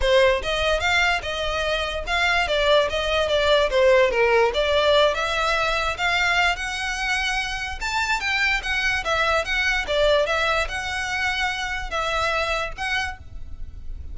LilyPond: \new Staff \with { instrumentName = "violin" } { \time 4/4 \tempo 4 = 146 c''4 dis''4 f''4 dis''4~ | dis''4 f''4 d''4 dis''4 | d''4 c''4 ais'4 d''4~ | d''8 e''2 f''4. |
fis''2. a''4 | g''4 fis''4 e''4 fis''4 | d''4 e''4 fis''2~ | fis''4 e''2 fis''4 | }